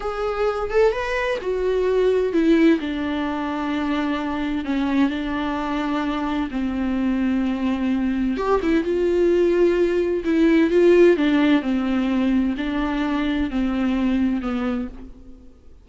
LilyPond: \new Staff \with { instrumentName = "viola" } { \time 4/4 \tempo 4 = 129 gis'4. a'8 b'4 fis'4~ | fis'4 e'4 d'2~ | d'2 cis'4 d'4~ | d'2 c'2~ |
c'2 g'8 e'8 f'4~ | f'2 e'4 f'4 | d'4 c'2 d'4~ | d'4 c'2 b4 | }